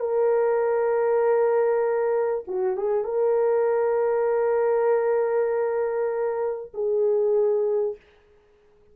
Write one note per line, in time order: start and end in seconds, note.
0.00 2.45 A#4
2.48 2.78 F#4
2.78 3.05 G#4
3.05 6.72 A#4
6.74 7.96 G#4